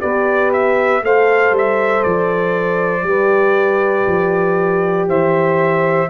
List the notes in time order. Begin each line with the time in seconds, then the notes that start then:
0.00 B3 G4 B4 D5
0.53 E5
1.03 A3 A4 C5 F5
1.51 G3
1.58 E5
2.03 F3 D5
3.03 G3 G4 B4
4.07 F3
5.08 E3 C5 E5